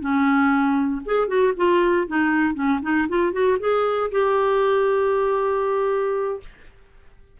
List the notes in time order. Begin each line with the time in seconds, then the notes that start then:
0.00 C#4
1.05 G#4
1.27 F#4
1.56 F4
2.07 D#4
2.54 C#4
2.82 D#4
3.08 F4
3.32 F#4
3.59 G#4
4.11 G4